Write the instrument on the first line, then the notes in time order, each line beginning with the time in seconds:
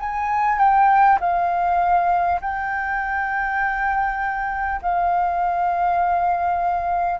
flute
0.00 G#5
0.59 G5
1.21 F5
2.41 G5
4.82 F5